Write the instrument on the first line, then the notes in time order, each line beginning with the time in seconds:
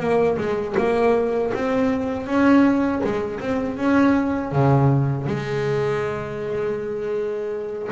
double bass
0.00 A#3
0.38 G#3
0.78 A#3
1.54 C4
2.27 C#4
3.04 G#3
3.40 C4
3.77 C#4
4.52 C#3
5.27 G#3